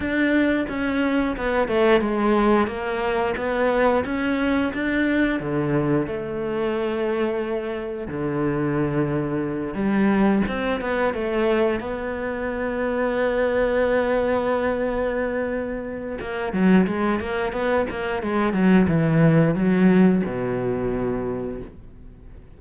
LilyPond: \new Staff \with { instrumentName = "cello" } { \time 4/4 \tempo 4 = 89 d'4 cis'4 b8 a8 gis4 | ais4 b4 cis'4 d'4 | d4 a2. | d2~ d8 g4 c'8 |
b8 a4 b2~ b8~ | b1 | ais8 fis8 gis8 ais8 b8 ais8 gis8 fis8 | e4 fis4 b,2 | }